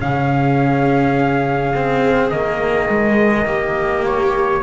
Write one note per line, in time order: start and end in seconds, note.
0.00 2.33 C#3
0.00 1.73 C#4
0.00 3.48 G#4
0.00 2.31 F5
1.76 2.32 C4
2.31 4.63 D#3
2.31 2.89 A#3
2.31 4.04 D#5
2.89 3.46 G#3
3.46 4.61 A#3
3.46 4.63 G4
4.07 4.64 C#5